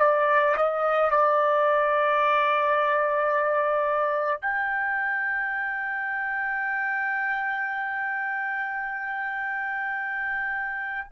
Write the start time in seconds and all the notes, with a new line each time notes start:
0.00 D5
0.57 D#5
1.11 D5
4.42 G5